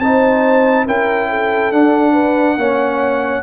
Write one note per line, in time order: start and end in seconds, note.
0.00 0.86 C4
0.00 0.87 D#4
0.00 0.86 C5
0.00 0.86 A5
0.86 1.72 C#4
0.86 1.73 E4
0.86 1.29 A#4
0.86 1.72 G5
1.30 2.13 A4
1.72 2.57 D4
1.72 2.58 D4
1.72 3.43 F#5
2.13 2.56 B4
2.57 3.43 A#3
2.57 3.43 C#4
2.57 3.43 C#5